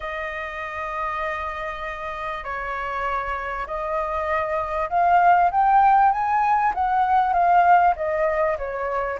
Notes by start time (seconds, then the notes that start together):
0.00 D#5
2.44 C#5
3.66 D#5
4.89 F5
5.51 G5
6.12 G#5
6.74 F#5
7.33 F5
7.96 D#5
8.57 C#5